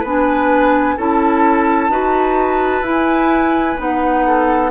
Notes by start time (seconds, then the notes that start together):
0.00 B3 B4 G#5
0.06 D4
0.98 C#4 E4 A4 A5
1.90 D#4 F#4 B4
2.82 E4 G#5
3.77 B3 D#4 F#5
4.27 A4